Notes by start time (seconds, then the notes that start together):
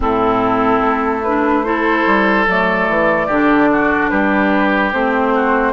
0.00 A2 C4 E4 A4
0.80 A3
1.23 D4 B4
1.63 E4 A4 C5
2.06 G3
2.47 F#3 A3 D5
2.88 E3
3.27 D3 D4 G4
3.72 F#4
4.09 G3 G4 B4
4.92 A3 C4 C5
5.35 F#4